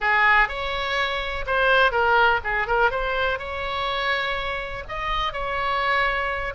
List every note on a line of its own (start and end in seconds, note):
0.00 0.48 G#4
0.48 1.45 C#5
1.46 1.91 C5
1.91 2.40 A#4
2.43 2.67 G#4
2.67 2.91 A#4
2.91 3.38 C5
3.38 4.84 C#5
4.88 5.32 D#5
5.32 6.53 C#5